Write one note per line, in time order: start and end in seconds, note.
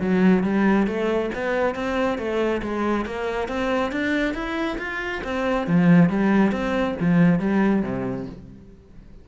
0.00 0.43 F#3
0.43 0.86 G3
0.86 1.30 A3
1.34 1.75 B3
1.75 2.18 C4
2.18 2.61 A3
2.62 3.05 G#3
3.05 3.48 A#3
3.48 3.92 C4
3.92 4.34 D4
4.34 4.77 E4
4.78 5.21 F4
5.23 5.67 C4
5.67 6.09 F3
6.09 6.51 G3
6.51 6.95 C4
7.00 7.39 F3
7.39 7.82 G3
7.82 8.26 C3